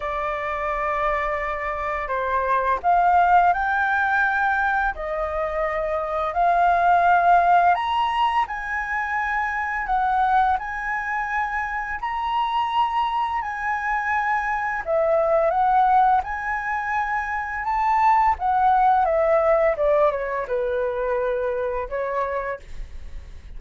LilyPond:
\new Staff \with { instrumentName = "flute" } { \time 4/4 \tempo 4 = 85 d''2. c''4 | f''4 g''2 dis''4~ | dis''4 f''2 ais''4 | gis''2 fis''4 gis''4~ |
gis''4 ais''2 gis''4~ | gis''4 e''4 fis''4 gis''4~ | gis''4 a''4 fis''4 e''4 | d''8 cis''8 b'2 cis''4 | }